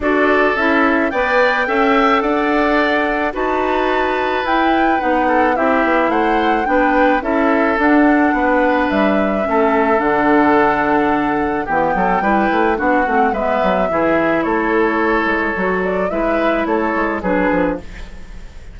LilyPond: <<
  \new Staff \with { instrumentName = "flute" } { \time 4/4 \tempo 4 = 108 d''4 e''4 g''2 | fis''2 a''2 | g''4 fis''4 e''4 fis''4 | g''4 e''4 fis''2 |
e''2 fis''2~ | fis''4 g''2 fis''4 | e''2 cis''2~ | cis''8 d''8 e''4 cis''4 b'4 | }
  \new Staff \with { instrumentName = "oboe" } { \time 4/4 a'2 d''4 e''4 | d''2 b'2~ | b'4. a'8 g'4 c''4 | b'4 a'2 b'4~ |
b'4 a'2.~ | a'4 g'8 a'8 b'4 fis'4 | b'4 gis'4 a'2~ | a'4 b'4 a'4 gis'4 | }
  \new Staff \with { instrumentName = "clarinet" } { \time 4/4 fis'4 e'4 b'4 a'4~ | a'2 fis'2 | e'4 dis'4 e'2 | d'4 e'4 d'2~ |
d'4 cis'4 d'2~ | d'4 b4 e'4 d'8 c'8 | b4 e'2. | fis'4 e'2 d'4 | }
  \new Staff \with { instrumentName = "bassoon" } { \time 4/4 d'4 cis'4 b4 cis'4 | d'2 dis'2 | e'4 b4 c'8 b8 a4 | b4 cis'4 d'4 b4 |
g4 a4 d2~ | d4 e8 fis8 g8 a8 b8 a8 | gis8 fis8 e4 a4. gis8 | fis4 gis4 a8 gis8 fis8 f8 | }
>>